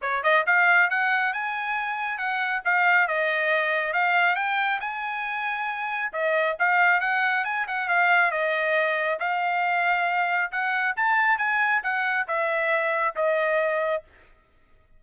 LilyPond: \new Staff \with { instrumentName = "trumpet" } { \time 4/4 \tempo 4 = 137 cis''8 dis''8 f''4 fis''4 gis''4~ | gis''4 fis''4 f''4 dis''4~ | dis''4 f''4 g''4 gis''4~ | gis''2 dis''4 f''4 |
fis''4 gis''8 fis''8 f''4 dis''4~ | dis''4 f''2. | fis''4 a''4 gis''4 fis''4 | e''2 dis''2 | }